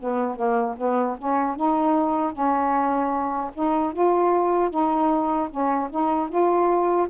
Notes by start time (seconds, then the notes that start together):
0.00 B3
0.36 A#3
0.78 B3
1.18 C#4
1.56 D#4
2.33 C#4
3.54 D#4
3.93 F4
4.70 D#4
5.50 C#4
5.90 D#4
6.29 F4